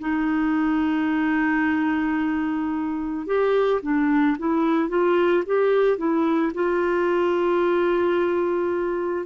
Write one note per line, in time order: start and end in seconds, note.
0.00 3.27 D#4
3.27 3.81 G4
3.82 4.37 D4
4.39 4.89 E4
4.89 5.44 F4
5.46 5.98 G4
5.98 6.53 E4
6.55 9.26 F4